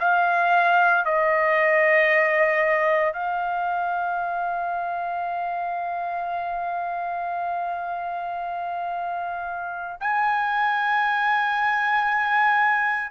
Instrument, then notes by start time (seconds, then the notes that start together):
trumpet
0.00 F5
1.05 D#5
3.13 F5
10.00 G#5